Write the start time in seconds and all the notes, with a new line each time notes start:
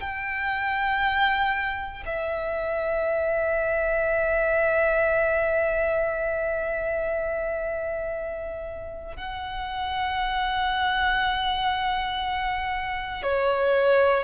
0.00 G5
2.06 E5
9.16 F#5
13.22 C#5